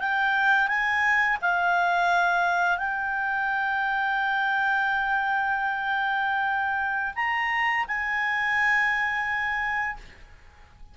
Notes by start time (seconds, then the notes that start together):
0.00 G5
0.68 G#5
1.42 F5
2.78 G5
7.16 A#5
7.88 G#5